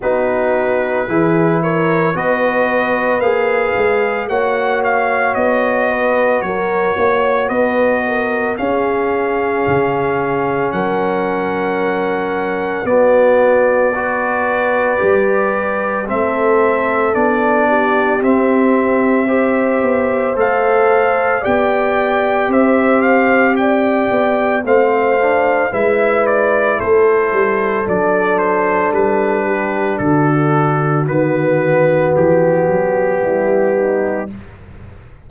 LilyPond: <<
  \new Staff \with { instrumentName = "trumpet" } { \time 4/4 \tempo 4 = 56 b'4. cis''8 dis''4 f''4 | fis''8 f''8 dis''4 cis''4 dis''4 | f''2 fis''2 | d''2. e''4 |
d''4 e''2 f''4 | g''4 e''8 f''8 g''4 f''4 | e''8 d''8 c''4 d''8 c''8 b'4 | a'4 b'4 g'2 | }
  \new Staff \with { instrumentName = "horn" } { \time 4/4 fis'4 gis'8 ais'8 b'2 | cis''4. b'8 ais'8 cis''8 b'8 ais'8 | gis'2 ais'2 | fis'4 b'2 a'4~ |
a'8 g'4. c''2 | d''4 c''4 d''4 c''4 | b'4 a'2~ a'8 g'8 | fis'2. e'8 dis'8 | }
  \new Staff \with { instrumentName = "trombone" } { \time 4/4 dis'4 e'4 fis'4 gis'4 | fis'1 | cis'1 | b4 fis'4 g'4 c'4 |
d'4 c'4 g'4 a'4 | g'2. c'8 d'8 | e'2 d'2~ | d'4 b2. | }
  \new Staff \with { instrumentName = "tuba" } { \time 4/4 b4 e4 b4 ais8 gis8 | ais4 b4 fis8 ais8 b4 | cis'4 cis4 fis2 | b2 g4 a4 |
b4 c'4. b8 a4 | b4 c'4. b8 a4 | gis4 a8 g8 fis4 g4 | d4 dis4 e8 fis8 g4 | }
>>